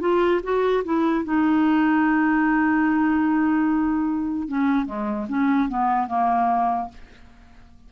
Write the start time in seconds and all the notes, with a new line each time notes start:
0.00 F4
0.43 F#4
0.84 E4
1.24 D#4
4.48 C#4
4.86 G#3
5.29 C#4
5.69 B3
6.08 A#3